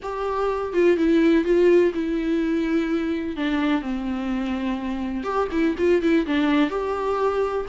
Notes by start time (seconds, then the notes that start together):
0.02 G4
0.73 F4
0.97 E4
1.44 F4
1.94 E4
3.36 D4
3.81 C4
5.23 G4
5.51 E4
5.78 F4
6.01 E4
6.26 D4
6.69 G4